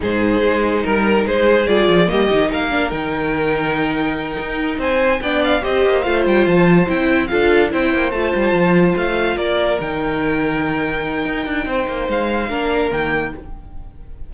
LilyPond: <<
  \new Staff \with { instrumentName = "violin" } { \time 4/4 \tempo 4 = 144 c''2 ais'4 c''4 | d''4 dis''4 f''4 g''4~ | g''2.~ g''8 gis''8~ | gis''8 g''8 f''8 dis''4 f''8 g''8 a''8~ |
a''8 g''4 f''4 g''4 a''8~ | a''4. f''4 d''4 g''8~ | g''1~ | g''4 f''2 g''4 | }
  \new Staff \with { instrumentName = "violin" } { \time 4/4 gis'2 ais'4 gis'4~ | gis'4 g'4 ais'2~ | ais'2.~ ais'8 c''8~ | c''8 d''4 c''2~ c''8~ |
c''4. a'4 c''4.~ | c''2~ c''8 ais'4.~ | ais'1 | c''2 ais'2 | }
  \new Staff \with { instrumentName = "viola" } { \time 4/4 dis'1 | f'4 ais8 dis'4 d'8 dis'4~ | dis'1~ | dis'8 d'4 g'4 f'4.~ |
f'8 e'4 f'4 e'4 f'8~ | f'2.~ f'8 dis'8~ | dis'1~ | dis'2 d'4 ais4 | }
  \new Staff \with { instrumentName = "cello" } { \time 4/4 gis,4 gis4 g4 gis4 | g8 f8 g8 dis8 ais4 dis4~ | dis2~ dis8 dis'4 c'8~ | c'8 b4 c'8 ais8 a8 g8 f8~ |
f8 c'4 d'4 c'8 ais8 a8 | g8 f4 a4 ais4 dis8~ | dis2. dis'8 d'8 | c'8 ais8 gis4 ais4 dis4 | }
>>